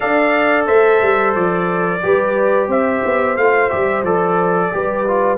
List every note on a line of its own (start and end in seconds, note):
0.00 0.68 D4
0.00 2.01 A4
0.00 0.66 D5
0.00 0.64 F5
0.66 1.01 A3
0.66 2.01 C5
0.66 1.34 E5
1.01 1.35 G3
1.35 2.03 F3
1.35 2.69 D5
2.02 2.68 G3
2.02 3.37 G4
2.02 2.68 B4
2.68 3.01 C4
2.68 4.70 C5
2.68 3.37 E5
3.04 3.37 B3
3.37 3.71 A3
3.37 3.70 F4
3.37 3.69 F5
3.69 4.03 G3
3.69 4.04 G4
3.69 4.03 E5
4.03 4.70 F3
4.03 4.72 A4
4.03 5.37 D5
4.72 5.37 G3
4.72 5.05 G4
4.72 5.37 B4
5.07 5.37 F4